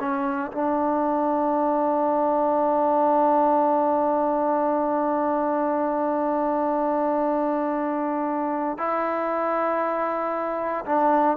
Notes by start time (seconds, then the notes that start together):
0.00 C#4
0.52 D4
8.78 E4
10.86 D4